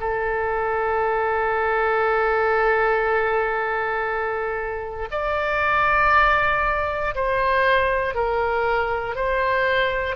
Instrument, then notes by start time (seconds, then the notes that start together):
oboe
0.00 A4
5.11 D5
7.15 C5
8.14 A#4
9.15 C5